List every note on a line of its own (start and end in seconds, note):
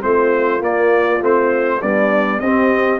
0.00 0.61 A3
0.00 0.60 C4
0.00 1.80 F4
0.00 0.62 C5
0.60 1.20 A#3
0.60 1.21 A#3
0.60 1.23 D5
1.21 1.81 A3
1.21 1.81 C4
1.21 1.81 C5
1.80 2.42 G3
1.80 2.41 B3
1.80 2.40 D4
1.80 2.39 D5
2.39 2.99 C4
2.39 2.99 G4
2.39 2.99 D#5